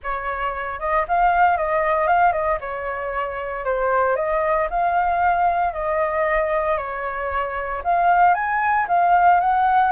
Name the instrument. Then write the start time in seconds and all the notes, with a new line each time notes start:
flute
0.03 C#5
0.79 D#5
1.08 F5
1.57 D#5
2.07 F5
2.32 D#5
2.60 C#5
3.65 C5
4.15 D#5
4.70 F5
5.73 D#5
6.77 C#5
7.84 F5
8.34 G#5
8.88 F5
9.40 F#5